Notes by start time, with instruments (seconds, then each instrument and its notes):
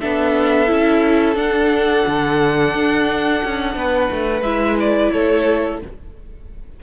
0.00 cello B3, viola D4, violin A4 E5
0.67 cello C#4, viola E4
1.35 viola D4, cello D4, violin F#5
2.07 cello D3
2.74 cello D4
3.44 cello C#4
3.75 cello B3, violin B4
4.11 cello A3
4.41 cello G#3, viola E4, violin E5
4.80 violin D5
5.12 cello A3, violin A4 C#5